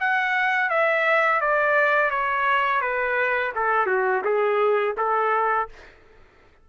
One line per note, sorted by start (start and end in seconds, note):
0.00 0.69 F#5
0.69 1.41 E5
1.41 2.10 D5
2.10 2.81 C#5
2.81 3.52 B4
3.55 3.86 A4
3.86 4.22 F#4
4.24 4.95 G#4
4.97 5.69 A4